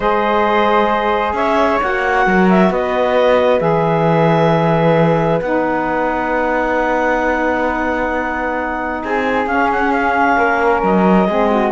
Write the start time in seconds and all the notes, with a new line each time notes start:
0.00 G#3 G#4 C5 D#5
1.33 C#4 C#5 E5
1.82 A#3 F#4 F#5
2.26 F#3 A#4
2.50 E5
2.70 B3 B4 D#5
3.59 E3 G#4 E5
5.41 B3 D#4 F#5
9.02 C4 G#4 G#5
9.46 C#4 F5
9.71 F#5
9.92 F5
10.37 A#3 A#4
10.82 F#3 D#5
11.26 G#3 C4 G#4
11.50 F#4